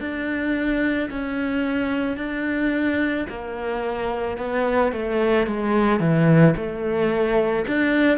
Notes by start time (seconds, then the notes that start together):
0.00 D4
1.10 C#4
2.17 D4
3.29 A#3
4.37 B3
4.92 A3
5.46 G#3
6.00 E3
6.56 A3
7.67 D4